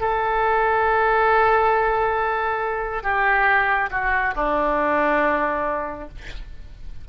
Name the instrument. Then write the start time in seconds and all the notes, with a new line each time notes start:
oboe
0.00 A4
3.03 G4
3.91 F#4
4.35 D4